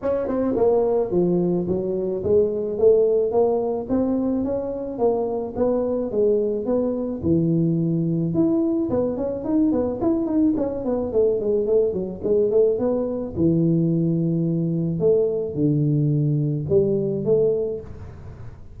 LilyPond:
\new Staff \with { instrumentName = "tuba" } { \time 4/4 \tempo 4 = 108 cis'8 c'8 ais4 f4 fis4 | gis4 a4 ais4 c'4 | cis'4 ais4 b4 gis4 | b4 e2 e'4 |
b8 cis'8 dis'8 b8 e'8 dis'8 cis'8 b8 | a8 gis8 a8 fis8 gis8 a8 b4 | e2. a4 | d2 g4 a4 | }